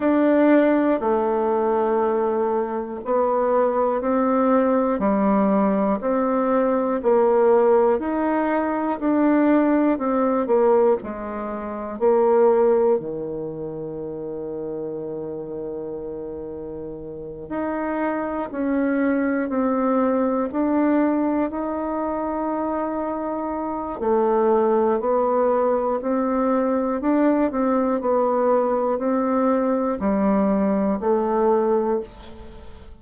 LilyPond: \new Staff \with { instrumentName = "bassoon" } { \time 4/4 \tempo 4 = 60 d'4 a2 b4 | c'4 g4 c'4 ais4 | dis'4 d'4 c'8 ais8 gis4 | ais4 dis2.~ |
dis4. dis'4 cis'4 c'8~ | c'8 d'4 dis'2~ dis'8 | a4 b4 c'4 d'8 c'8 | b4 c'4 g4 a4 | }